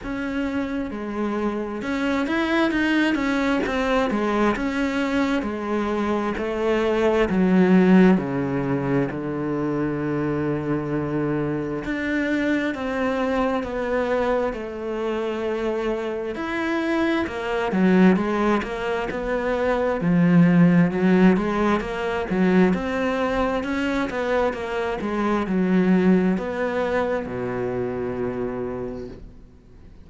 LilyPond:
\new Staff \with { instrumentName = "cello" } { \time 4/4 \tempo 4 = 66 cis'4 gis4 cis'8 e'8 dis'8 cis'8 | c'8 gis8 cis'4 gis4 a4 | fis4 cis4 d2~ | d4 d'4 c'4 b4 |
a2 e'4 ais8 fis8 | gis8 ais8 b4 f4 fis8 gis8 | ais8 fis8 c'4 cis'8 b8 ais8 gis8 | fis4 b4 b,2 | }